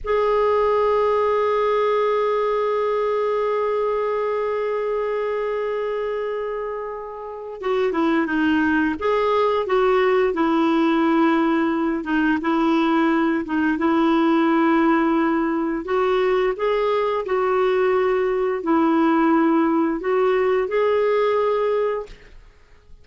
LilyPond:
\new Staff \with { instrumentName = "clarinet" } { \time 4/4 \tempo 4 = 87 gis'1~ | gis'1~ | gis'2. fis'8 e'8 | dis'4 gis'4 fis'4 e'4~ |
e'4. dis'8 e'4. dis'8 | e'2. fis'4 | gis'4 fis'2 e'4~ | e'4 fis'4 gis'2 | }